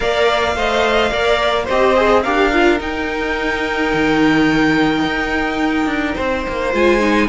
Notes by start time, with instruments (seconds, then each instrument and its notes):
0.00 cello A#3, viola A#4, violin D5 F5
0.55 cello A3, viola C5, violin D#5
1.10 cello A#3, viola A#4, violin D5
1.64 cello C4, viola G4, violin C5 D#5
1.96 viola G#4
2.22 cello D4, viola G4, violin A#4 F5
2.53 viola F4
2.79 viola D#4, cello D#4, violin G5
3.93 cello D#3
5.04 cello D#4
5.86 cello D4
6.15 cello C4, violin C5
6.48 cello A#3
6.72 cello G#3, viola F4, violin G#5
7.00 viola D#4